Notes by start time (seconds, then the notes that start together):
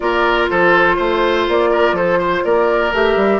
0.00 A#3 F4 A#4 D5
0.49 F3 A4 C5
0.96 A3 C5
1.48 A#3 D5
1.71 A#4
1.92 F3 A4 C5
2.18 C5
2.44 A#3 A#4 D5
2.92 A3 G4 E5
3.16 G3